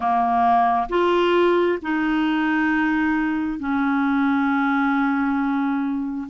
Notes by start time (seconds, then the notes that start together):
0.00 A#3
0.89 F4
1.82 D#4
3.59 C#4